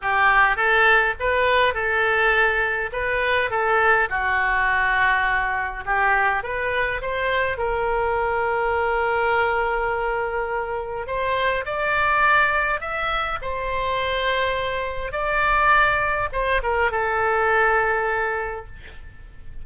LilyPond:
\new Staff \with { instrumentName = "oboe" } { \time 4/4 \tempo 4 = 103 g'4 a'4 b'4 a'4~ | a'4 b'4 a'4 fis'4~ | fis'2 g'4 b'4 | c''4 ais'2.~ |
ais'2. c''4 | d''2 e''4 c''4~ | c''2 d''2 | c''8 ais'8 a'2. | }